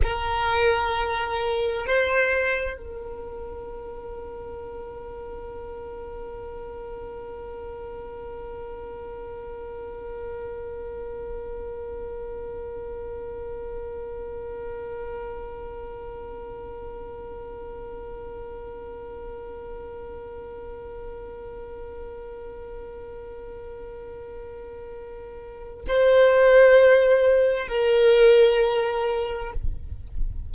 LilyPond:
\new Staff \with { instrumentName = "violin" } { \time 4/4 \tempo 4 = 65 ais'2 c''4 ais'4~ | ais'1~ | ais'1~ | ais'1~ |
ais'1~ | ais'1~ | ais'1 | c''2 ais'2 | }